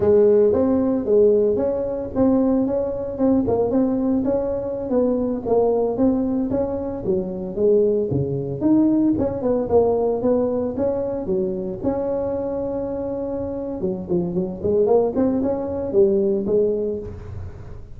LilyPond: \new Staff \with { instrumentName = "tuba" } { \time 4/4 \tempo 4 = 113 gis4 c'4 gis4 cis'4 | c'4 cis'4 c'8 ais8 c'4 | cis'4~ cis'16 b4 ais4 c'8.~ | c'16 cis'4 fis4 gis4 cis8.~ |
cis16 dis'4 cis'8 b8 ais4 b8.~ | b16 cis'4 fis4 cis'4.~ cis'16~ | cis'2 fis8 f8 fis8 gis8 | ais8 c'8 cis'4 g4 gis4 | }